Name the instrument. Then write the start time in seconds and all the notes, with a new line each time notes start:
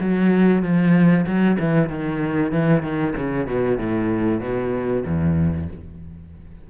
cello
0.00 F#3
0.63 F3
1.26 F#3
1.59 E3
1.89 D#3
2.52 E3
2.83 D#3
3.16 C#3
3.47 B2
3.78 A2
4.40 B2
5.05 E2